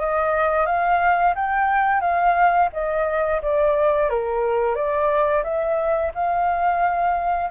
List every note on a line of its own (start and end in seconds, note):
0.00 0.66 D#5
0.66 1.34 F5
1.35 2.01 G5
2.01 2.69 F5
2.73 3.41 D#5
3.42 4.09 D5
4.09 4.75 A#4
4.75 5.43 D5
5.44 6.12 E5
6.14 7.50 F5